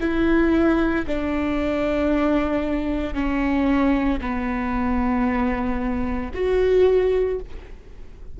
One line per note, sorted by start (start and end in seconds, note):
0.00 1.05 E4
1.07 3.14 D4
3.14 4.19 C#4
4.21 6.32 B3
6.34 7.39 F#4